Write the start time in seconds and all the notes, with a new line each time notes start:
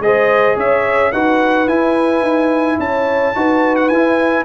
0.00 G#3 G#4 C5 D#5
0.56 C#4 C#5 E5
1.12 D#4 F#4 B4 F#5
1.68 E4 G#5
2.22 D#4
2.80 C#4 C#5 A5
3.35 D#4 F#4 B4
3.76 F#5
3.89 E4 G#5